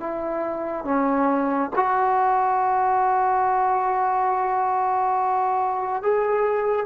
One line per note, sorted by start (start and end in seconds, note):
0.00 0.85 E4
0.85 1.71 C#4
1.76 6.03 F#4
6.03 6.86 G#4